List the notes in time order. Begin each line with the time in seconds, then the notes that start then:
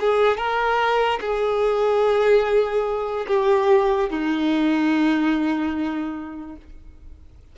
0.00 G#4
0.37 A#4
1.20 G#4
3.27 G4
4.09 D#4